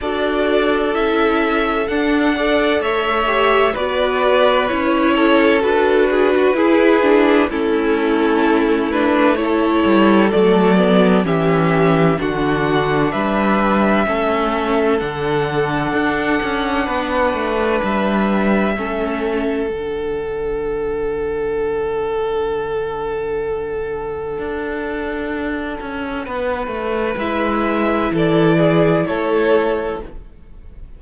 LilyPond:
<<
  \new Staff \with { instrumentName = "violin" } { \time 4/4 \tempo 4 = 64 d''4 e''4 fis''4 e''4 | d''4 cis''4 b'2 | a'4. b'8 cis''4 d''4 | e''4 fis''4 e''2 |
fis''2. e''4~ | e''4 fis''2.~ | fis''1~ | fis''4 e''4 d''4 cis''4 | }
  \new Staff \with { instrumentName = "violin" } { \time 4/4 a'2~ a'8 d''8 cis''4 | b'4. a'4 gis'16 fis'16 gis'4 | e'2 a'2 | g'4 fis'4 b'4 a'4~ |
a'2 b'2 | a'1~ | a'1 | b'2 a'8 gis'8 a'4 | }
  \new Staff \with { instrumentName = "viola" } { \time 4/4 fis'4 e'4 d'8 a'4 g'8 | fis'4 e'4 fis'4 e'8 d'8 | cis'4. d'8 e'4 a8 b8 | cis'4 d'2 cis'4 |
d'1 | cis'4 d'2.~ | d'1~ | d'4 e'2. | }
  \new Staff \with { instrumentName = "cello" } { \time 4/4 d'4 cis'4 d'4 a4 | b4 cis'4 d'4 e'4 | a2~ a8 g8 fis4 | e4 d4 g4 a4 |
d4 d'8 cis'8 b8 a8 g4 | a4 d2.~ | d2 d'4. cis'8 | b8 a8 gis4 e4 a4 | }
>>